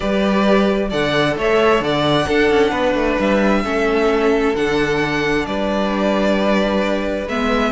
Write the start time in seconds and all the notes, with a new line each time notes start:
0.00 G3 G4 B4 D5
0.89 D3 A4 D5 F#5
1.36 A3 C#5 E5
1.80 D3 D5 F#5
2.26 D4 A4
2.50 C#4
2.70 B3 B4
2.94 A3
3.19 G3 E5
3.64 A3 C#4 A4
4.55 D3 D4 F#5
5.46 G3 B4 D5
7.27 G#3 B3 E5